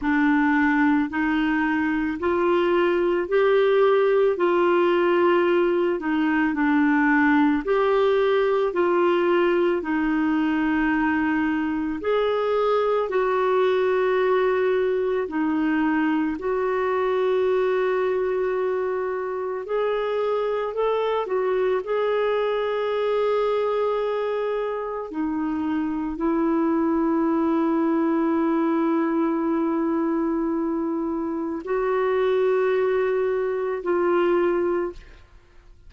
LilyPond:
\new Staff \with { instrumentName = "clarinet" } { \time 4/4 \tempo 4 = 55 d'4 dis'4 f'4 g'4 | f'4. dis'8 d'4 g'4 | f'4 dis'2 gis'4 | fis'2 dis'4 fis'4~ |
fis'2 gis'4 a'8 fis'8 | gis'2. dis'4 | e'1~ | e'4 fis'2 f'4 | }